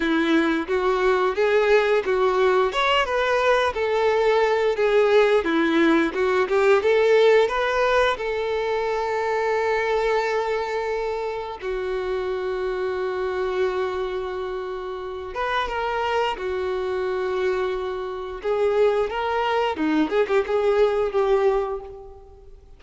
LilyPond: \new Staff \with { instrumentName = "violin" } { \time 4/4 \tempo 4 = 88 e'4 fis'4 gis'4 fis'4 | cis''8 b'4 a'4. gis'4 | e'4 fis'8 g'8 a'4 b'4 | a'1~ |
a'4 fis'2.~ | fis'2~ fis'8 b'8 ais'4 | fis'2. gis'4 | ais'4 dis'8 gis'16 g'16 gis'4 g'4 | }